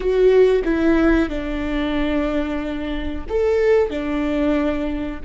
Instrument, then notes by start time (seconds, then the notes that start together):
viola
0.00 F#4
0.64 E4
1.29 D4
3.29 A4
3.90 D4